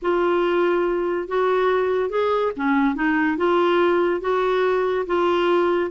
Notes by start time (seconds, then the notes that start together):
0.02 F4
1.28 F#4
2.09 G#4
2.56 C#4
2.95 D#4
3.37 F4
4.21 F#4
5.06 F4